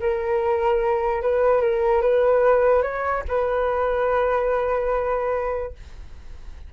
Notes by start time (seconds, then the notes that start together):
0.00 A#4
1.22 B4
1.61 A#4
2.01 B4
2.82 C#5
3.28 B4